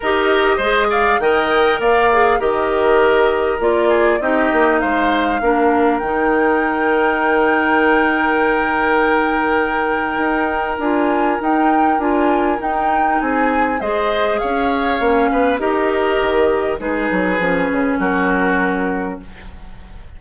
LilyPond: <<
  \new Staff \with { instrumentName = "flute" } { \time 4/4 \tempo 4 = 100 dis''4. f''8 g''4 f''4 | dis''2 d''4 dis''4 | f''2 g''2~ | g''1~ |
g''2 gis''4 g''4 | gis''4 g''4 gis''4 dis''4 | f''2 dis''2 | b'2 ais'2 | }
  \new Staff \with { instrumentName = "oboe" } { \time 4/4 ais'4 c''8 d''8 dis''4 d''4 | ais'2~ ais'8 gis'8 g'4 | c''4 ais'2.~ | ais'1~ |
ais'1~ | ais'2 gis'4 c''4 | cis''4. b'8 ais'2 | gis'2 fis'2 | }
  \new Staff \with { instrumentName = "clarinet" } { \time 4/4 g'4 gis'4 ais'4. gis'8 | g'2 f'4 dis'4~ | dis'4 d'4 dis'2~ | dis'1~ |
dis'2 f'4 dis'4 | f'4 dis'2 gis'4~ | gis'4 cis'4 g'2 | dis'4 cis'2. | }
  \new Staff \with { instrumentName = "bassoon" } { \time 4/4 dis'4 gis4 dis4 ais4 | dis2 ais4 c'8 ais8 | gis4 ais4 dis2~ | dis1~ |
dis4 dis'4 d'4 dis'4 | d'4 dis'4 c'4 gis4 | cis'4 ais8 b8 dis'4 dis4 | gis8 fis8 f8 cis8 fis2 | }
>>